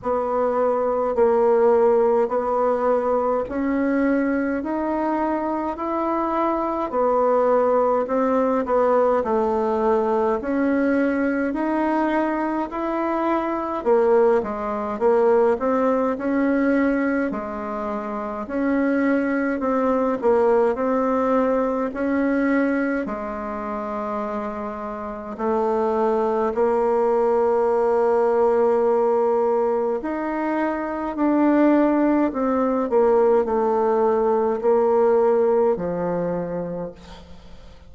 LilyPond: \new Staff \with { instrumentName = "bassoon" } { \time 4/4 \tempo 4 = 52 b4 ais4 b4 cis'4 | dis'4 e'4 b4 c'8 b8 | a4 cis'4 dis'4 e'4 | ais8 gis8 ais8 c'8 cis'4 gis4 |
cis'4 c'8 ais8 c'4 cis'4 | gis2 a4 ais4~ | ais2 dis'4 d'4 | c'8 ais8 a4 ais4 f4 | }